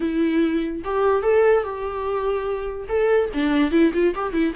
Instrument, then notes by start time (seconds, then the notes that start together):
viola
0.00 E4
0.84 G4
1.22 A4
1.63 G4
2.88 A4
3.33 D4
3.71 E4
3.93 F4
4.14 G4
4.32 E4